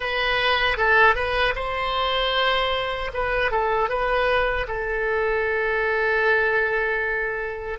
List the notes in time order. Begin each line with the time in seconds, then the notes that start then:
0.00 B4
0.77 A4
1.15 B4
1.55 C5
3.13 B4
3.51 A4
3.89 B4
4.67 A4